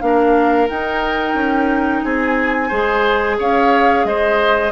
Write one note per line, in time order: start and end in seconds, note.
0.00 0.69 A#3
0.00 0.68 D4
0.00 2.04 A#4
0.00 0.67 F5
0.69 2.71 D#4
0.69 1.34 D#4
0.69 2.03 G5
1.34 2.02 C#4
2.03 2.71 C4
2.03 2.68 G#4
2.03 3.38 G#5
2.68 3.39 G#3
2.68 4.72 G#4
2.68 3.36 C5
3.39 4.04 C#4
3.39 4.06 C#5
3.39 4.05 F5
4.04 4.72 G#3
4.04 4.72 C5
4.04 4.72 D#5